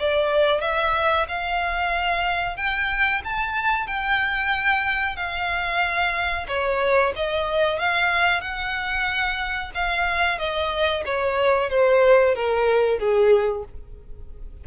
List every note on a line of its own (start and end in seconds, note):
0.00 0.61 D5
0.61 1.27 E5
1.29 2.57 F5
2.57 3.23 G5
3.25 3.87 A5
3.87 5.17 G5
5.17 6.47 F5
6.48 7.13 C#5
7.17 7.80 D#5
7.80 8.41 F5
8.41 9.72 F#5
9.75 10.39 F5
10.39 11.04 D#5
11.06 11.70 C#5
11.70 12.36 C5
12.36 12.99 A#4
12.99 13.65 G#4